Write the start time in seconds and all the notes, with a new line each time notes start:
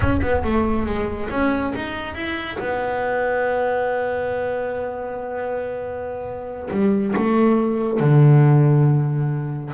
0.00 C#4
0.21 B3
0.43 A3
0.86 G#3
1.29 C#4
1.75 D#4
2.14 E4
2.59 B3
6.70 G3
7.16 A3
7.99 D3